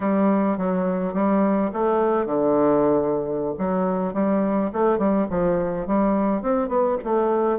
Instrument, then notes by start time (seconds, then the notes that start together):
bassoon
0.00 G3
0.57 F#3
1.13 G3
1.73 A3
2.25 D3
3.58 F#3
4.13 G3
4.72 A3
4.98 G3
5.30 F3
5.86 G3
6.42 C4
6.68 B3
7.03 A3